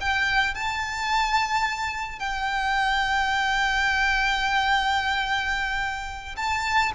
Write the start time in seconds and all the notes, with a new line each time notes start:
0.00 G5
0.54 A5
2.19 G5
6.36 A5